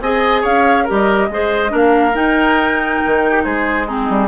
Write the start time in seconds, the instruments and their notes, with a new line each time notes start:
0.00 bassoon C4, clarinet G#4, oboe D#5, flute G#5
0.41 bassoon C#4, oboe C#5, flute F5
0.84 clarinet G4, oboe A#4
0.90 bassoon G3, flute D#5
1.29 bassoon G#3, clarinet G#4, oboe C5
1.68 bassoon A#3, clarinet D4, oboe A#4
1.76 flute F5
2.14 clarinet D#4, bassoon D#4, flute G5
3.06 bassoon D#3
3.30 oboe G4
3.44 bassoon G#3, oboe G#4, flute C5
3.86 clarinet C4, oboe D#4, flute G#4
4.09 bassoon G3